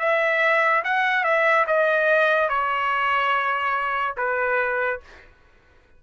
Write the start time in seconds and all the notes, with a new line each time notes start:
0.00 E5
0.84 F#5
1.24 E5
1.67 D#5
2.49 C#5
4.17 B4